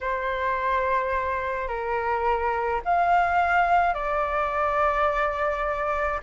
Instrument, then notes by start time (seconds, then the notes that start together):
flute
0.00 C5
1.67 A#4
2.85 F5
3.94 D5